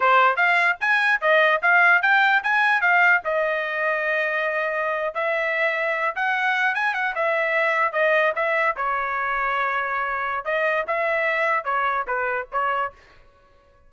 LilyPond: \new Staff \with { instrumentName = "trumpet" } { \time 4/4 \tempo 4 = 149 c''4 f''4 gis''4 dis''4 | f''4 g''4 gis''4 f''4 | dis''1~ | dis''8. e''2~ e''8 fis''8.~ |
fis''8. gis''8 fis''8 e''2 dis''16~ | dis''8. e''4 cis''2~ cis''16~ | cis''2 dis''4 e''4~ | e''4 cis''4 b'4 cis''4 | }